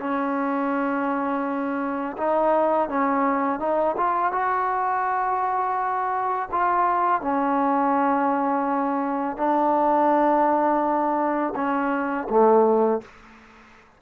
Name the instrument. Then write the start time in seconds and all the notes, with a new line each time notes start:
trombone
0.00 C#4
2.17 D#4
2.89 C#4
3.60 D#4
3.97 F4
4.32 F#4
6.52 F4
7.22 C#4
9.37 D4
11.56 C#4
12.30 A3